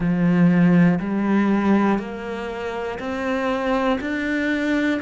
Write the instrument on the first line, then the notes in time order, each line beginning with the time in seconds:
cello
0.00 F3
0.99 G3
1.99 A#3
2.99 C4
4.00 D4